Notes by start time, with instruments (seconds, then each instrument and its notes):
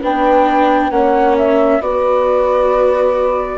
0.00 bassoon B3, viola D4, horn B4, flute G5
0.90 bassoon A#3, viola C#4, horn C#5, flute F#5
1.38 flute E5
1.80 bassoon B3, viola F#4, horn B4, flute D5